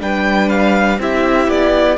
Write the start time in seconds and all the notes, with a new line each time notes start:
0.00 G3 D4 B4 G5
0.50 F5
0.99 C4 E4 G4 E5
1.48 B3 D5